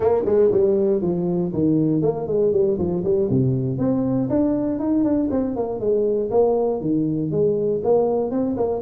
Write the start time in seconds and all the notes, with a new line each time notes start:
0.00 A#3
0.25 G#3
0.51 G3
1.01 F3
1.53 D#3
2.02 A#3
2.27 G#3
2.52 G3
2.78 F3
3.04 G3
3.29 C3
3.78 C4
4.29 D4
4.79 D#4
5.04 D4
5.31 C4
5.56 A#3
5.80 G#3
6.30 A#3
6.80 D#3
7.31 G#3
7.83 A#3
8.30 C4
8.56 A#3